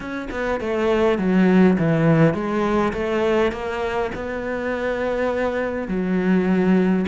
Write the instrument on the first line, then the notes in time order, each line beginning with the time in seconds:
cello
0.00 C#4
0.30 B3
0.60 A3
1.18 F#3
1.78 E3
2.34 G#3
2.93 A3
3.51 A#3
4.14 B3
5.88 F#3